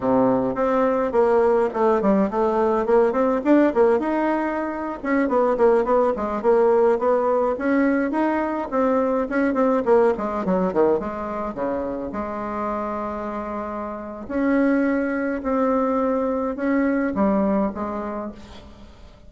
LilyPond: \new Staff \with { instrumentName = "bassoon" } { \time 4/4 \tempo 4 = 105 c4 c'4 ais4 a8 g8 | a4 ais8 c'8 d'8 ais8 dis'4~ | dis'8. cis'8 b8 ais8 b8 gis8 ais8.~ | ais16 b4 cis'4 dis'4 c'8.~ |
c'16 cis'8 c'8 ais8 gis8 fis8 dis8 gis8.~ | gis16 cis4 gis2~ gis8.~ | gis4 cis'2 c'4~ | c'4 cis'4 g4 gis4 | }